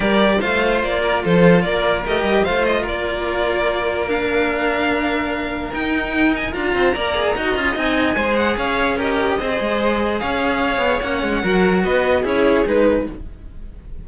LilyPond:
<<
  \new Staff \with { instrumentName = "violin" } { \time 4/4 \tempo 4 = 147 d''4 f''4 d''4 c''4 | d''4 dis''4 f''8 dis''8 d''4~ | d''2 f''2~ | f''2 g''4. gis''8 |
ais''2. gis''4~ | gis''8 fis''8 f''4 dis''2~ | dis''4 f''2 fis''4~ | fis''4 dis''4 cis''4 b'4 | }
  \new Staff \with { instrumentName = "violin" } { \time 4/4 ais'4 c''4. ais'8 a'4 | ais'2 c''4 ais'4~ | ais'1~ | ais'1~ |
ais'8 c''8 d''4 dis''2 | c''4 cis''4 ais'4 c''4~ | c''4 cis''2. | ais'4 b'4 gis'2 | }
  \new Staff \with { instrumentName = "cello" } { \time 4/4 g'4 f'2.~ | f'4 g'4 f'2~ | f'2 d'2~ | d'2 dis'2 |
f'4 ais'8 gis'8 fis'8 f'8 dis'4 | gis'2 g'4 gis'4~ | gis'2. cis'4 | fis'2 e'4 dis'4 | }
  \new Staff \with { instrumentName = "cello" } { \time 4/4 g4 a4 ais4 f4 | ais4 a8 g8 a4 ais4~ | ais1~ | ais2 dis'2 |
d'8 c'8 ais4 dis'8 cis'8 c'4 | gis4 cis'2 c'8 gis8~ | gis4 cis'4. b8 ais8 gis8 | fis4 b4 cis'4 gis4 | }
>>